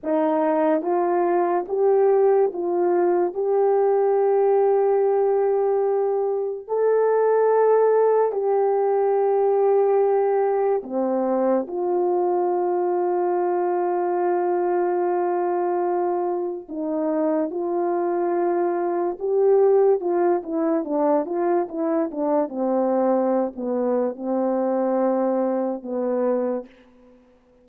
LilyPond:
\new Staff \with { instrumentName = "horn" } { \time 4/4 \tempo 4 = 72 dis'4 f'4 g'4 f'4 | g'1 | a'2 g'2~ | g'4 c'4 f'2~ |
f'1 | dis'4 f'2 g'4 | f'8 e'8 d'8 f'8 e'8 d'8 c'4~ | c'16 b8. c'2 b4 | }